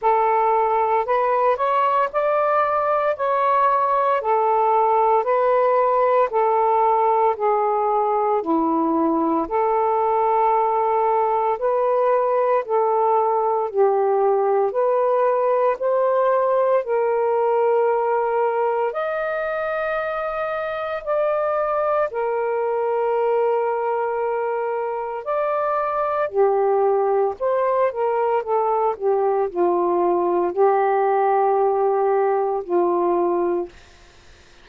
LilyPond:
\new Staff \with { instrumentName = "saxophone" } { \time 4/4 \tempo 4 = 57 a'4 b'8 cis''8 d''4 cis''4 | a'4 b'4 a'4 gis'4 | e'4 a'2 b'4 | a'4 g'4 b'4 c''4 |
ais'2 dis''2 | d''4 ais'2. | d''4 g'4 c''8 ais'8 a'8 g'8 | f'4 g'2 f'4 | }